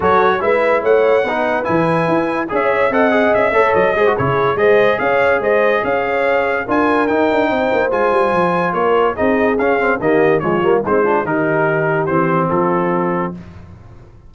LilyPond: <<
  \new Staff \with { instrumentName = "trumpet" } { \time 4/4 \tempo 4 = 144 cis''4 e''4 fis''2 | gis''2 e''4 fis''4 | e''4 dis''4 cis''4 dis''4 | f''4 dis''4 f''2 |
gis''4 g''2 gis''4~ | gis''4 cis''4 dis''4 f''4 | dis''4 cis''4 c''4 ais'4~ | ais'4 c''4 a'2 | }
  \new Staff \with { instrumentName = "horn" } { \time 4/4 a'4 b'4 cis''4 b'4~ | b'2 cis''4 dis''4~ | dis''8 cis''4 c''8 gis'4 c''4 | cis''4 c''4 cis''2 |
ais'2 c''2~ | c''4 ais'4 gis'2 | g'4 f'4 dis'8 f'8 g'4~ | g'2 f'2 | }
  \new Staff \with { instrumentName = "trombone" } { \time 4/4 fis'4 e'2 dis'4 | e'2 gis'4 a'8 gis'8~ | gis'8 a'4 gis'16 fis'16 e'4 gis'4~ | gis'1 |
f'4 dis'2 f'4~ | f'2 dis'4 cis'8 c'8 | ais4 gis8 ais8 c'8 d'8 dis'4~ | dis'4 c'2. | }
  \new Staff \with { instrumentName = "tuba" } { \time 4/4 fis4 gis4 a4 b4 | e4 e'4 cis'4 c'4 | cis'8 a8 fis8 gis8 cis4 gis4 | cis'4 gis4 cis'2 |
d'4 dis'8 d'8 c'8 ais8 gis8 g8 | f4 ais4 c'4 cis'4 | dis4 f8 g8 gis4 dis4~ | dis4 e4 f2 | }
>>